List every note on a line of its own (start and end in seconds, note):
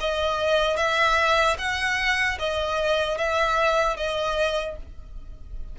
0.00 0.77 D#5
0.77 1.57 E5
1.58 2.38 F#5
2.39 3.18 D#5
3.18 3.96 E5
3.96 4.76 D#5